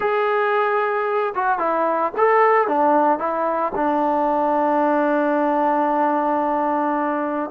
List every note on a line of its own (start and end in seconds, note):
0.00 1.33 G#4
1.34 1.59 F#4
1.59 2.12 E4
2.17 2.67 A4
2.67 3.18 D4
3.18 3.72 E4
3.75 7.50 D4